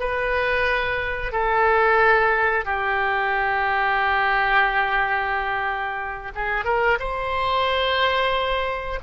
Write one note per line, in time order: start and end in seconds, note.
0.00 1.32 B4
1.32 2.65 A4
2.65 6.32 G4
6.35 6.65 G#4
6.65 6.98 A#4
7.00 9.00 C5